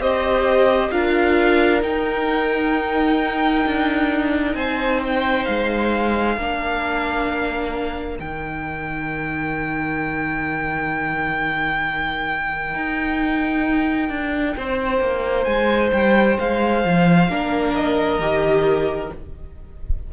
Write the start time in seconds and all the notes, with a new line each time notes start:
0.00 C4 G4 C5 D#5
0.91 D4 F4 A#4 F5
1.82 D#4 G5
3.66 D4
4.55 C4 C5 G#5
5.04 G5
5.45 G#3 F5
6.37 A#3 D4 A#4
8.18 D#3 D#4 G5
12.75 D#4
14.09 D4
14.57 C4 C5
15.01 A#3
15.44 G#3 G#5
15.93 G3 G5
16.39 G#3 F5
16.85 F3
17.29 A#3 D4 A#4
17.75 D#5
18.19 D#3 G4